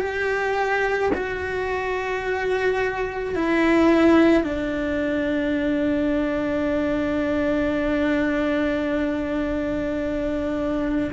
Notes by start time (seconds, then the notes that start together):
0.00 G4
1.14 F#4
3.35 E4
4.43 D4